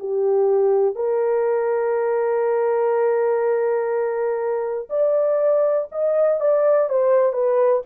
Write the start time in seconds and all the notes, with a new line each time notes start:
0.00 G4
0.95 A#4
4.90 D5
5.92 D#5
6.40 D5
6.89 C5
7.33 B4